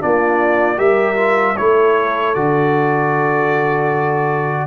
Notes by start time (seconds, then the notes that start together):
0.00 A#3 D4 F4 D5
0.77 G3 G4 A#4 E5
1.17 F4
1.57 A3 E4 A4 C#5
2.35 D3 F#4 D5